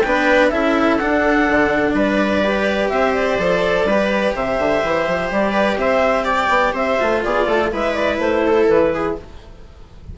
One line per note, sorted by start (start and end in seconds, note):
0.00 0.51 B3
0.00 0.51 D4
0.00 0.50 B4
0.00 0.48 G5
0.48 0.99 C#4
0.48 0.99 E4
0.48 1.94 A4
0.48 0.96 E5
0.97 2.43 D4
0.97 1.48 D4
0.97 1.94 F#5
1.48 1.94 D3
1.94 2.90 G3
1.94 2.91 B4
1.94 2.89 D5
2.43 3.39 G4
2.89 3.38 C4
2.89 3.87 C5
2.89 3.13 E5
3.13 4.33 D5
3.38 3.84 F3
3.38 3.87 A4
3.84 4.32 G3
3.84 6.99 G4
3.84 4.35 B4
4.35 4.58 C3
4.35 5.52 C5
4.35 5.31 E5
4.58 4.83 D3
4.83 5.07 E3
5.07 5.31 F3
5.31 5.76 G3
5.31 5.78 D5
5.52 5.76 B4
5.76 6.48 C4
5.76 6.24 C5
5.76 6.25 E5
6.24 6.72 D5
6.24 6.74 G5
6.49 6.73 B3
6.73 6.97 C4
6.73 7.21 C5
6.73 7.23 E5
6.99 7.25 A3
6.99 7.71 F4
7.23 7.47 B3
7.23 7.47 G#4
7.23 7.71 D5
7.47 7.71 A3
7.47 7.71 A4
7.71 8.19 G#3
7.71 9.15 E4
7.71 8.44 B4
7.71 7.93 E5
7.93 8.17 D5
8.18 8.67 A3
8.18 8.66 C5
8.46 8.94 A4
8.67 9.16 E3
8.67 9.15 B4
8.94 9.18 G#4